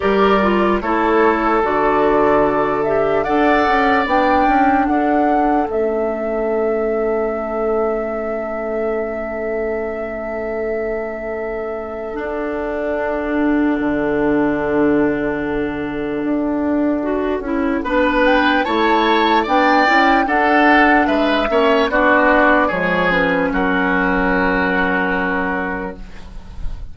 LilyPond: <<
  \new Staff \with { instrumentName = "flute" } { \time 4/4 \tempo 4 = 74 d''4 cis''4 d''4. e''8 | fis''4 g''4 fis''4 e''4~ | e''1~ | e''2. fis''4~ |
fis''1~ | fis''2~ fis''8 g''8 a''4 | g''4 fis''4 e''4 d''4 | cis''8 b'8 ais'2. | }
  \new Staff \with { instrumentName = "oboe" } { \time 4/4 ais'4 a'2. | d''2 a'2~ | a'1~ | a'1~ |
a'1~ | a'2 b'4 cis''4 | d''4 a'4 b'8 cis''8 fis'4 | gis'4 fis'2. | }
  \new Staff \with { instrumentName = "clarinet" } { \time 4/4 g'8 f'8 e'4 fis'4. g'8 | a'4 d'2 cis'4~ | cis'1~ | cis'2. d'4~ |
d'1~ | d'4 fis'8 e'8 d'4 e'4 | d'8 e'8 d'4. cis'8 d'4 | gis8 cis'2.~ cis'8 | }
  \new Staff \with { instrumentName = "bassoon" } { \time 4/4 g4 a4 d2 | d'8 cis'8 b8 cis'8 d'4 a4~ | a1~ | a2. d'4~ |
d'4 d2. | d'4. cis'8 b4 a4 | b8 cis'8 d'4 gis8 ais8 b4 | f4 fis2. | }
>>